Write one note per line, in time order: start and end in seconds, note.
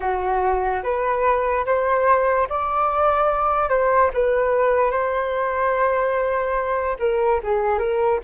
0.00 0.82 F#4
0.83 1.65 B4
1.65 2.47 C5
2.49 3.69 D5
3.69 4.10 C5
4.13 4.91 B4
4.91 6.96 C5
6.99 7.40 A#4
7.43 7.78 G#4
7.78 8.19 A#4